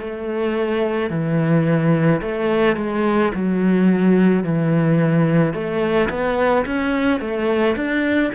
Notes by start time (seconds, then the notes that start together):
0.00 A3
1.10 E3
2.22 A3
2.76 G#3
3.34 F#3
4.43 E3
5.54 A3
6.10 B3
6.66 C#4
7.21 A3
7.76 D4